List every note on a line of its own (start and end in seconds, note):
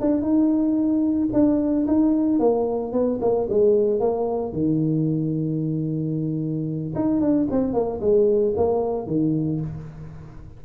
0.00 0.21 D4
0.21 1.28 D#4
1.33 1.86 D4
1.87 2.39 D#4
2.39 2.92 A#3
2.92 3.19 B3
3.21 3.48 A#3
3.49 4.00 G#3
4.00 4.52 A#3
4.52 6.94 D#3
6.95 7.20 D#4
7.20 7.47 D4
7.51 7.73 C4
7.73 7.99 A#3
8.00 8.54 G#3
8.56 9.07 A#3
9.07 9.60 D#3